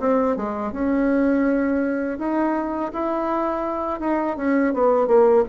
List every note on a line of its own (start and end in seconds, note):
0.00 0.37 C4
0.37 0.72 G#3
0.72 2.19 C#4
2.19 2.92 D#4
2.93 4.00 E4
4.00 4.37 D#4
4.37 4.74 C#4
4.74 5.08 B3
5.08 5.44 A#3